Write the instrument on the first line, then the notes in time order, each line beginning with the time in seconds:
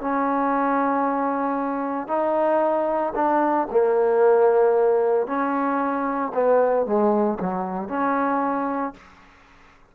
trombone
0.00 C#4
2.07 D#4
3.15 D4
3.71 A#3
5.27 C#4
6.34 B3
6.85 G#3
7.39 F#3
7.88 C#4